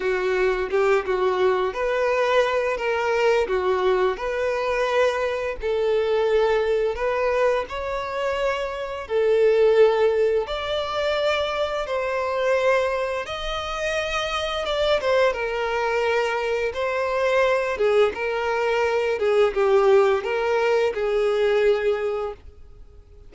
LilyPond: \new Staff \with { instrumentName = "violin" } { \time 4/4 \tempo 4 = 86 fis'4 g'8 fis'4 b'4. | ais'4 fis'4 b'2 | a'2 b'4 cis''4~ | cis''4 a'2 d''4~ |
d''4 c''2 dis''4~ | dis''4 d''8 c''8 ais'2 | c''4. gis'8 ais'4. gis'8 | g'4 ais'4 gis'2 | }